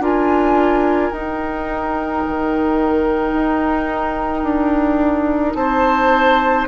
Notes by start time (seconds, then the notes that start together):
0.00 D4 F4 A#4 G#5
1.12 D#4 G5
2.26 D#3
3.32 D#4
4.43 D4
5.55 C4 C5 A5